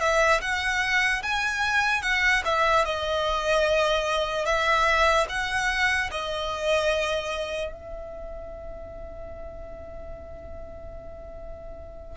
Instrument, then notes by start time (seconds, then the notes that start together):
violin
0.00 E5
0.41 F#5
1.22 G#5
2.02 F#5
2.45 E5
2.85 D#5
4.45 E5
5.29 F#5
6.11 D#5
7.72 E5